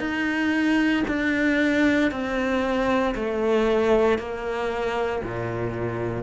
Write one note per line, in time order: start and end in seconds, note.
0.00 1.03 D#4
1.08 2.12 D4
2.12 3.15 C4
3.15 4.18 A3
4.18 5.22 A#3
5.23 6.24 A#2